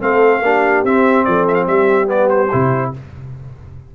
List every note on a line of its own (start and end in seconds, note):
0.00 0.41 A3
0.00 0.42 C4
0.00 0.42 A4
0.00 0.85 F5
0.41 0.83 A#3
0.41 0.85 D4
0.41 1.26 G4
0.83 1.25 C4
0.83 2.06 C4
0.83 1.24 E5
1.24 1.66 F3
1.24 1.66 A4
1.24 1.45 D5
1.47 1.53 E5
1.53 1.64 F5
1.66 2.49 G3
1.66 2.91 G4
1.66 2.09 E5
2.06 2.47 B3
2.06 2.29 D5
2.29 2.91 C5
2.51 2.95 C3
2.51 2.93 E4